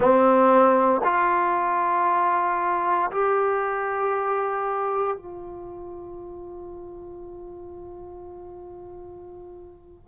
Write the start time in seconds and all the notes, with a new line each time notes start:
0.00 C4
1.03 F4
3.11 G4
5.16 F4